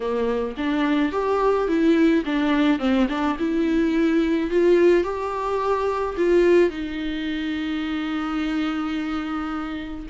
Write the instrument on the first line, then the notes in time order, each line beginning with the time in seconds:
viola
0.00 A#3
0.57 D4
1.12 G4
1.67 E4
2.25 D4
2.79 C4
3.08 D4
3.38 E4
4.50 F4
5.03 G4
6.17 F4
6.70 D#4